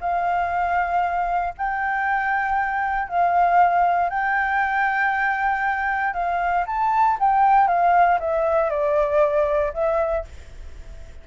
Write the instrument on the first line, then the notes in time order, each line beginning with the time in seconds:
flute
0.00 F5
1.57 G5
3.08 F5
4.09 G5
6.13 F5
6.66 A5
7.19 G5
7.67 F5
8.20 E5
8.70 D5
9.73 E5